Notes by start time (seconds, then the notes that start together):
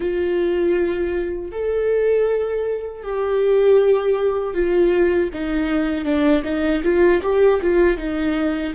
0.00 F4
1.51 A4
3.02 G4
4.54 F4
5.33 D#4
6.04 D4
6.43 D#4
6.83 F4
7.22 G4
7.62 F4
7.97 D#4